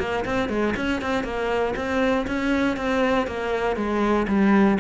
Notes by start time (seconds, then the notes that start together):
0.00 A#3
0.25 C4
0.50 G#3
0.77 C#4
1.02 C4
1.24 A#3
1.76 C4
2.27 C#4
2.77 C4
3.28 A#3
3.77 G#3
4.28 G3